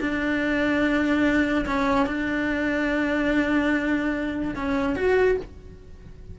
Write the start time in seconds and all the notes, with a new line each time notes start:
0.00 D4
1.66 C#4
2.06 D4
4.55 C#4
4.96 F#4